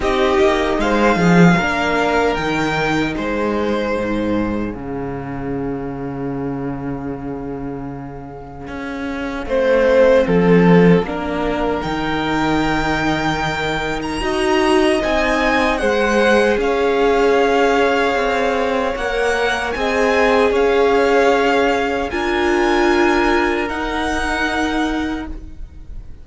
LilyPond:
<<
  \new Staff \with { instrumentName = "violin" } { \time 4/4 \tempo 4 = 76 dis''4 f''2 g''4 | c''2 f''2~ | f''1~ | f''2. g''4~ |
g''4.~ g''16 ais''4~ ais''16 gis''4 | fis''4 f''2. | fis''4 gis''4 f''2 | gis''2 fis''2 | }
  \new Staff \with { instrumentName = "violin" } { \time 4/4 g'4 c''8 gis'8 ais'2 | gis'1~ | gis'1 | c''4 a'4 ais'2~ |
ais'2 dis''2 | c''4 cis''2.~ | cis''4 dis''4 cis''2 | ais'1 | }
  \new Staff \with { instrumentName = "viola" } { \time 4/4 dis'2 d'4 dis'4~ | dis'2 cis'2~ | cis'1 | c'2 d'4 dis'4~ |
dis'2 fis'4 dis'4 | gis'1 | ais'4 gis'2. | f'2 dis'2 | }
  \new Staff \with { instrumentName = "cello" } { \time 4/4 c'8 ais8 gis8 f8 ais4 dis4 | gis4 gis,4 cis2~ | cis2. cis'4 | a4 f4 ais4 dis4~ |
dis2 dis'4 c'4 | gis4 cis'2 c'4 | ais4 c'4 cis'2 | d'2 dis'2 | }
>>